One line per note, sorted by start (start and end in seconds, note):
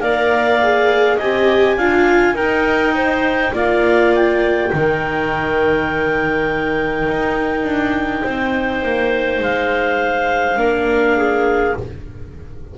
0.00 1.18 A#3
0.00 0.61 A#4
0.00 1.16 D5
0.00 1.18 F5
0.62 1.20 G#4
1.16 1.77 C4
1.16 1.79 G4
1.16 1.75 D#5
1.16 2.36 G#5
1.77 2.34 D4
1.77 2.36 F4
1.77 2.34 F5
2.34 3.51 D#4
2.34 3.54 D#4
2.34 2.93 A#4
2.34 3.54 G5
2.94 3.53 C5
3.52 4.70 A#3
3.52 4.72 F4
3.52 4.71 D5
3.52 4.14 F5
4.14 9.42 G5
4.71 7.08 D#3
4.71 10.56 D#4
4.71 8.24 A#4
7.08 7.63 D#4
7.63 8.22 D4
8.24 8.83 C4
8.24 10.59 C5
8.83 9.39 A#3
9.39 10.56 G#3
9.39 11.77 F5
10.56 11.74 A#3
10.56 11.74 D4
10.56 11.17 A#4
11.17 11.76 G#4